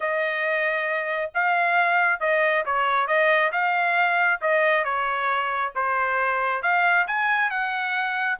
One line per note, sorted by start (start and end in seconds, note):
0.00 1.31 D#5
1.34 2.19 F5
2.19 2.64 D#5
2.65 3.07 C#5
3.07 3.51 D#5
3.52 4.40 F5
4.41 4.84 D#5
4.84 5.72 C#5
5.75 6.62 C5
6.62 7.06 F5
7.07 7.50 G#5
7.50 8.38 F#5